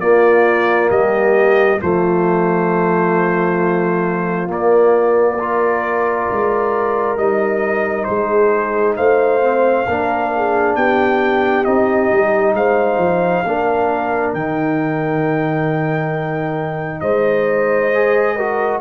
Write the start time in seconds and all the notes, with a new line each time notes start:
0.00 A#3 F4 D5
0.90 G3 G4 D#5
1.80 F3 A3 F4 C5
4.47 A#3 D5
5.38 F4 A#4
6.32 G#3
7.17 G3 D#4 D#5
8.04 G#3 G#4 C5
8.97 A3 C5 F5
9.41 C4
9.87 A#3 D4 A#4
10.36 G#4
10.76 B3 G4 G5
11.65 C4 D#4 D#5
12.12 G3
12.54 G#3 C5 F5
12.98 F3
13.45 A#3 D4 A#4
14.34 D#3 D#4 G5
17.01 G#3 C5 D#5
17.93 G#4
18.35 F#4 A#4